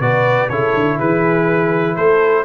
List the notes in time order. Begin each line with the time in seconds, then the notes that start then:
0.00 B2 F#4 B4 D5
0.49 C#3 E4 A4 C#5
0.74 D3
0.98 E3 G#4 B4
1.95 A3 A4 C5